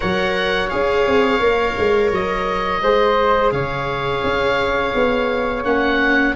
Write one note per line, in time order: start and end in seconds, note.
0.00 0.72 F#3
0.00 0.68 A#4
0.00 2.81 C#5
0.00 0.69 F#5
0.69 1.06 C#4
0.69 1.40 G#4
0.69 2.10 F5
1.06 1.39 C4
1.39 1.75 A#3
1.39 2.82 A#4
1.77 2.11 G#3
2.11 2.82 F#3
2.11 3.51 D#5
2.82 3.52 G#3
2.82 5.64 G#4
2.82 3.52 C5
3.51 4.22 C#3
3.51 6.36 C#5
3.51 5.63 F5
4.23 4.93 C#4
4.94 5.64 B3
5.64 6.34 A#3
5.64 6.35 C#4
5.64 6.35 F#5